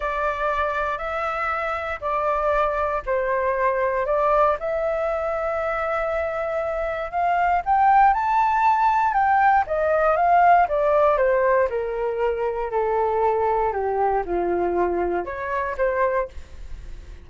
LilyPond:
\new Staff \with { instrumentName = "flute" } { \time 4/4 \tempo 4 = 118 d''2 e''2 | d''2 c''2 | d''4 e''2.~ | e''2 f''4 g''4 |
a''2 g''4 dis''4 | f''4 d''4 c''4 ais'4~ | ais'4 a'2 g'4 | f'2 cis''4 c''4 | }